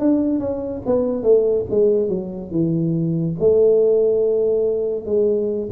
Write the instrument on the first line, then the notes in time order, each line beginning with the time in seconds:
tuba
0.00 D4
0.40 C#4
0.86 B3
1.23 A3
1.70 G#3
2.09 F#3
2.51 E3
3.40 A3
5.06 G#3